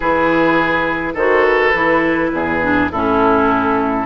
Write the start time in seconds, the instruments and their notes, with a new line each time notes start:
0.00 bassoon E3, clarinet E4, oboe G#4, flute B4
1.13 bassoon D#3, clarinet F#4, oboe A4, flute C5
1.46 flute B4
1.73 bassoon E3, clarinet E4
2.32 bassoon E2, oboe G#4
2.61 clarinet D4
2.91 bassoon A2, clarinet C#4, oboe E4, flute A4